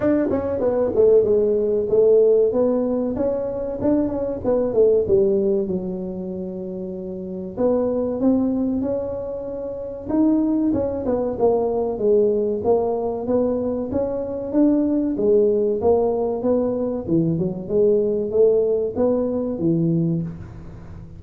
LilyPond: \new Staff \with { instrumentName = "tuba" } { \time 4/4 \tempo 4 = 95 d'8 cis'8 b8 a8 gis4 a4 | b4 cis'4 d'8 cis'8 b8 a8 | g4 fis2. | b4 c'4 cis'2 |
dis'4 cis'8 b8 ais4 gis4 | ais4 b4 cis'4 d'4 | gis4 ais4 b4 e8 fis8 | gis4 a4 b4 e4 | }